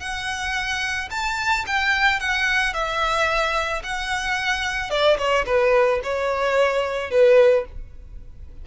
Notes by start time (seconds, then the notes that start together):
0.00 F#5
1.11 A5
1.67 G5
2.20 F#5
2.73 E5
3.84 F#5
4.90 D5
5.18 C#5
5.46 B4
6.03 C#5
7.11 B4